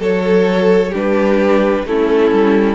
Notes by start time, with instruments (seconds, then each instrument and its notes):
0.00 cello F#3, violin A4 C#5, viola A4
0.90 cello G3, viola D4, violin G4
0.97 violin B4
1.86 cello A3, viola C#4, violin E4 A4
2.32 cello G3